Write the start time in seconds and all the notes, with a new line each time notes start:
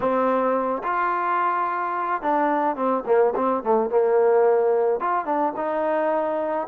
0.00 C4
0.83 F4
2.21 D4
2.76 C4
3.06 A#3
3.35 C4
3.63 A3
3.89 A#3
4.99 F4
5.25 D4
5.56 D#4